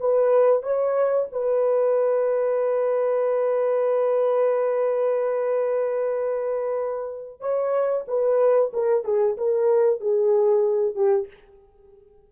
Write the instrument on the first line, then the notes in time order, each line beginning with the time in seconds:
horn
0.00 B4
0.63 C#5
1.32 B4
7.40 C#5
8.08 B4
8.73 A#4
9.05 G#4
9.37 A#4
10.01 G#4
10.95 G4